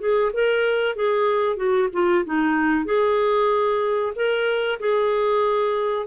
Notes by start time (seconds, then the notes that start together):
0.00 G#4
0.34 A#4
0.96 G#4
1.57 F#4
1.93 F4
2.25 D#4
2.85 G#4
4.16 A#4
4.80 G#4